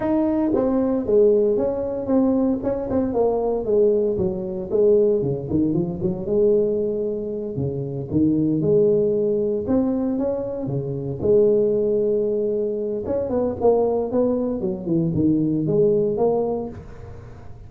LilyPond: \new Staff \with { instrumentName = "tuba" } { \time 4/4 \tempo 4 = 115 dis'4 c'4 gis4 cis'4 | c'4 cis'8 c'8 ais4 gis4 | fis4 gis4 cis8 dis8 f8 fis8 | gis2~ gis8 cis4 dis8~ |
dis8 gis2 c'4 cis'8~ | cis'8 cis4 gis2~ gis8~ | gis4 cis'8 b8 ais4 b4 | fis8 e8 dis4 gis4 ais4 | }